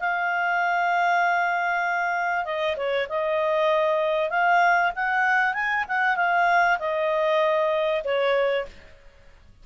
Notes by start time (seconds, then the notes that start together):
0.00 F5
2.45 D#5
2.77 C#5
3.09 D#5
4.30 F5
4.96 F#5
5.54 G#5
5.88 F#5
6.16 F5
6.79 D#5
8.04 C#5